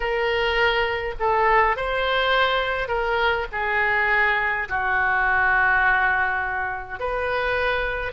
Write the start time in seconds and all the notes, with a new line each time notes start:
0.00 A#4
1.19 A4
1.76 C5
2.88 A#4
3.52 G#4
4.69 F#4
6.99 B4